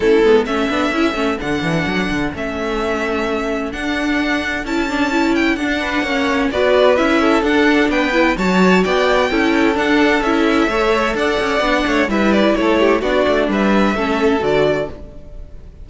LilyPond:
<<
  \new Staff \with { instrumentName = "violin" } { \time 4/4 \tempo 4 = 129 a'4 e''2 fis''4~ | fis''4 e''2. | fis''2 a''4. g''8 | fis''2 d''4 e''4 |
fis''4 g''4 a''4 g''4~ | g''4 fis''4 e''2 | fis''2 e''8 d''8 cis''4 | d''4 e''2 d''4 | }
  \new Staff \with { instrumentName = "violin" } { \time 4/4 e'4 a'2.~ | a'1~ | a'1~ | a'8 b'8 cis''4 b'4. a'8~ |
a'4 b'4 cis''4 d''4 | a'2. cis''4 | d''4. cis''8 b'4 a'8 g'8 | fis'4 b'4 a'2 | }
  \new Staff \with { instrumentName = "viola" } { \time 4/4 cis'8 b8 cis'8 d'8 e'8 cis'8 d'4~ | d'4 cis'2. | d'2 e'8 d'8 e'4 | d'4 cis'4 fis'4 e'4 |
d'4. e'8 fis'2 | e'4 d'4 e'4 a'4~ | a'4 d'4 e'2 | d'2 cis'4 fis'4 | }
  \new Staff \with { instrumentName = "cello" } { \time 4/4 a8 gis8 a8 b8 cis'8 a8 d8 e8 | fis8 d8 a2. | d'2 cis'2 | d'4 ais4 b4 cis'4 |
d'4 b4 fis4 b4 | cis'4 d'4 cis'4 a4 | d'8 cis'8 b8 a8 g4 a4 | b8 a8 g4 a4 d4 | }
>>